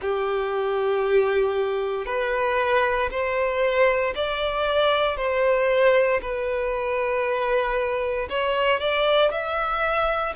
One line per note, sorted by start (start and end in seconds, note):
0.01 2.05 G4
2.05 3.09 B4
3.10 4.14 C5
4.15 5.17 D5
5.17 6.20 C5
6.21 8.28 B4
8.29 8.80 C#5
8.80 9.31 D5
9.31 10.34 E5